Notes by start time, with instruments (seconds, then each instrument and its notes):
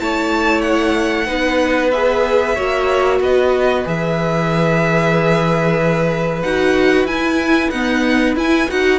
0.00 cello A3, viola E4, violin C#5 A5
0.62 violin F#5
1.26 cello B3, viola D#4, violin B4
1.92 viola G#4, violin E5
2.55 cello A#3, viola F#4, violin C#5
3.21 cello B3, violin B4 D#5
3.85 cello E3, viola G#4, violin E5
6.42 cello D#4, viola F#4, violin F#5
7.05 cello E4, viola E4, violin G#5
7.71 viola B3, cello D#4, violin F#5
8.36 cello E4, viola E4, violin G#5
8.69 cello D#4, viola F#4, violin F#5